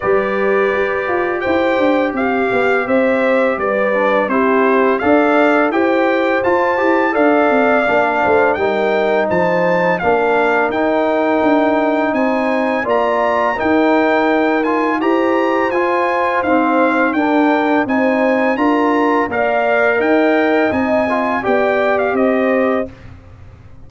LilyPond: <<
  \new Staff \with { instrumentName = "trumpet" } { \time 4/4 \tempo 4 = 84 d''2 g''4 f''4 | e''4 d''4 c''4 f''4 | g''4 a''4 f''2 | g''4 a''4 f''4 g''4~ |
g''4 gis''4 ais''4 g''4~ | g''8 gis''8 ais''4 gis''4 f''4 | g''4 gis''4 ais''4 f''4 | g''4 gis''4 g''8. f''16 dis''4 | }
  \new Staff \with { instrumentName = "horn" } { \time 4/4 b'2 c''4 g'4 | c''4 b'4 g'4 d''4 | c''2 d''4. c''8 | ais'4 c''4 ais'2~ |
ais'4 c''4 d''4 ais'4~ | ais'4 c''2. | ais'4 c''4 ais'4 d''4 | dis''2 d''4 c''4 | }
  \new Staff \with { instrumentName = "trombone" } { \time 4/4 g'1~ | g'4. d'8 e'4 a'4 | g'4 f'8 g'8 a'4 d'4 | dis'2 d'4 dis'4~ |
dis'2 f'4 dis'4~ | dis'8 f'8 g'4 f'4 c'4 | d'4 dis'4 f'4 ais'4~ | ais'4 dis'8 f'8 g'2 | }
  \new Staff \with { instrumentName = "tuba" } { \time 4/4 g4 g'8 f'8 e'8 d'8 c'8 b8 | c'4 g4 c'4 d'4 | e'4 f'8 e'8 d'8 c'8 ais8 a8 | g4 f4 ais4 dis'4 |
d'4 c'4 ais4 dis'4~ | dis'4 e'4 f'4 dis'4 | d'4 c'4 d'4 ais4 | dis'4 c'4 b4 c'4 | }
>>